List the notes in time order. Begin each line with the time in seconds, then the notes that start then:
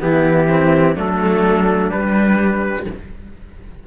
0.00 E3 B3 E4 G4
0.48 C4
0.95 F#3 A3 D4 A4
1.90 G3 B4